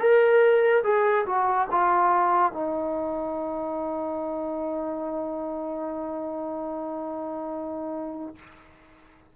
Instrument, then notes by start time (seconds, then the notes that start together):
trombone
0.00 A#4
0.84 G#4
1.27 F#4
1.72 F4
2.53 D#4